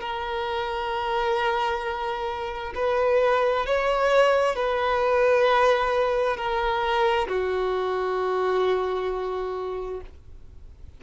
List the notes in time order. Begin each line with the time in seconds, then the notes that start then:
0.00 A#4
2.75 B4
3.66 C#5
4.55 B4
6.36 A#4
7.28 F#4